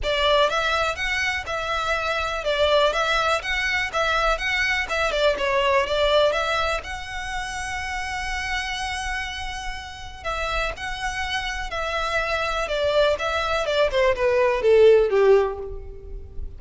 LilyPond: \new Staff \with { instrumentName = "violin" } { \time 4/4 \tempo 4 = 123 d''4 e''4 fis''4 e''4~ | e''4 d''4 e''4 fis''4 | e''4 fis''4 e''8 d''8 cis''4 | d''4 e''4 fis''2~ |
fis''1~ | fis''4 e''4 fis''2 | e''2 d''4 e''4 | d''8 c''8 b'4 a'4 g'4 | }